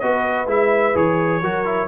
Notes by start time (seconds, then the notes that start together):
0.00 B3 F#4 B4 D#5
0.47 G#3 E4 E5
0.95 E3 G#4 C#5
1.42 F#3 F#4 A#4
1.66 E4